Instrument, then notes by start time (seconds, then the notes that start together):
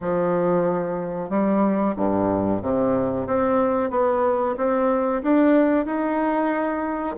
bassoon
0.01 F3
1.29 G3
1.96 G2
2.62 C3
3.26 C4
3.90 B3
4.57 C4
5.22 D4
5.85 D#4